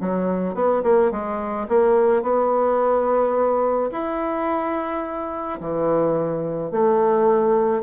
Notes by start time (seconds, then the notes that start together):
0.00 F#3
0.55 B3
0.83 A#3
1.11 G#3
1.68 A#3
2.22 B3
3.92 E4
5.60 E3
6.71 A3